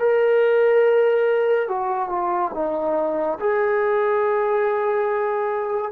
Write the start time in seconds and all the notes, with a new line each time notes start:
0.00 A#4
1.69 F#4
2.09 F4
2.55 D#4
3.40 G#4